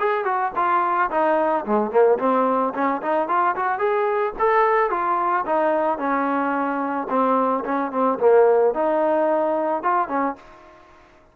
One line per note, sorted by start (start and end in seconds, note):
0.00 0.25 G#4
0.25 0.52 F#4
0.56 1.11 F4
1.11 1.66 D#4
1.66 1.92 G#3
1.92 2.19 A#3
2.19 2.74 C4
2.74 3.02 C#4
3.03 3.29 D#4
3.29 3.56 F4
3.56 3.79 F#4
3.79 4.34 G#4
4.40 4.91 A4
4.91 5.45 F4
5.46 5.99 D#4
5.99 7.08 C#4
7.10 7.64 C4
7.65 7.92 C#4
7.92 8.19 C4
8.20 8.75 A#3
8.75 9.84 D#4
9.84 10.09 F4
10.09 10.36 C#4